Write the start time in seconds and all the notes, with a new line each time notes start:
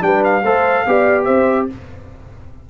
0.00 G3 D4 B4 G5
0.24 F5
0.43 A3 A4 C5
0.86 B3 G4 D5
1.24 C4 C5 E5